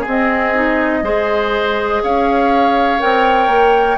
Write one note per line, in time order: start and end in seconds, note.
0.00 0.54 C4
0.00 0.98 G#4
0.06 1.02 C4
0.06 2.03 D#5
0.54 1.03 D#4
1.02 2.01 G#3
1.02 2.99 G#4
1.02 2.02 C5
2.03 3.01 C#4
2.03 3.98 C#5
2.03 3.00 F5
2.99 3.47 C4
2.99 3.97 A#4
2.99 3.98 G5
3.47 3.96 A#3